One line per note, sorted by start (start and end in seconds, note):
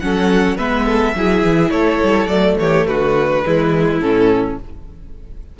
0.00 0.58 F#3
0.00 0.59 C#4
0.00 0.57 A4
0.00 0.57 F#5
0.57 1.15 G#3
0.57 1.16 B3
0.57 0.85 B4
0.57 1.71 E5
0.86 1.14 A4
1.15 1.43 F#3
1.15 2.30 E4
1.15 1.71 G#4
1.43 1.70 E3
1.70 1.99 A3
1.70 2.57 A4
1.70 2.27 C#5
2.03 2.26 G3
2.26 2.55 F#3
2.26 3.44 A3
2.26 2.56 D5
2.59 2.88 E3
2.59 2.88 G4
2.59 2.87 C#5
2.87 3.45 D3
2.87 3.45 F#4
2.87 4.00 B4
3.45 4.00 E3
3.45 4.02 G#3
3.45 4.60 E4
4.00 4.57 A2
4.00 4.59 C#4
4.00 4.57 A4